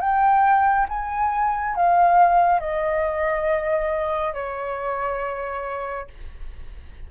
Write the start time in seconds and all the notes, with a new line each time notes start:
0.00 G5
0.89 G#5
1.75 F5
2.60 D#5
4.34 C#5